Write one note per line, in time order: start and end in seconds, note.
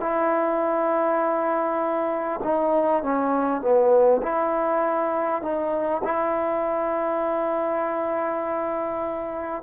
0.00 2.40 E4
2.44 3.03 D#4
3.03 3.62 C#4
3.62 4.22 B3
4.23 5.43 E4
5.43 6.03 D#4
6.04 9.63 E4